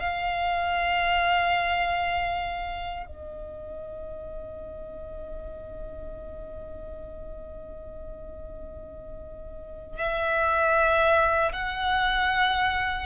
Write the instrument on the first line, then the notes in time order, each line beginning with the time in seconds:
violin
0.00 F5
3.07 D#5
9.99 E5
11.53 F#5